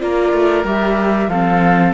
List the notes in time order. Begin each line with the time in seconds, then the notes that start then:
0.00 A#3 F4 A#4 D5
0.33 A3
0.64 G3 G4 E5
1.29 F3 C4 A4 F5